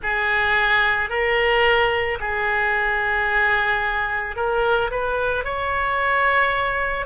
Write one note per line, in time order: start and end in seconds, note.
0.02 1.09 G#4
1.09 2.18 A#4
2.20 4.35 G#4
4.35 4.90 A#4
4.90 5.44 B4
5.44 7.06 C#5